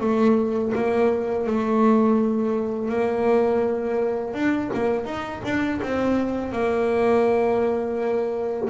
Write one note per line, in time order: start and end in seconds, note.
0.00 0.72 A3
0.75 1.46 A#3
1.46 2.89 A3
2.89 4.33 A#3
4.34 4.70 D4
4.73 5.05 A#3
5.05 5.41 D#4
5.44 5.80 D4
5.82 6.52 C4
6.52 8.69 A#3